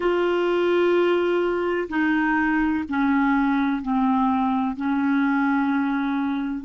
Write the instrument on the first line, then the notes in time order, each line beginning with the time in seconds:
clarinet
0.00 F4
1.89 D#4
2.88 C#4
3.82 C4
4.76 C#4